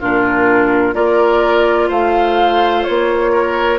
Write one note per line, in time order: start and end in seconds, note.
0.00 0.94 A#2
0.00 0.94 D4
0.00 0.95 F4
0.00 0.94 A#4
0.94 1.90 A#3
0.94 3.79 F4
0.94 1.89 A#4
0.94 1.90 D5
1.89 2.86 A3
1.89 3.32 C5
1.89 2.84 F5
2.84 3.79 A#3
2.84 3.79 C#5
3.33 3.79 A#4